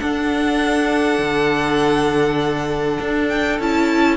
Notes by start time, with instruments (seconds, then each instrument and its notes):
0.00 viola D4, cello D4, violin A4 F#5
1.19 cello D3
3.01 cello D4
3.29 violin G5
3.60 cello C#4, viola E4, violin A5